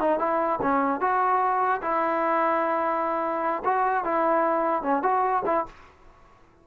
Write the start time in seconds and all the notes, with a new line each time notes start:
0.00 D#4
0.19 E4
0.62 C#4
1.00 F#4
1.81 E4
3.64 F#4
4.04 E4
4.82 C#4
5.02 F#4
5.45 E4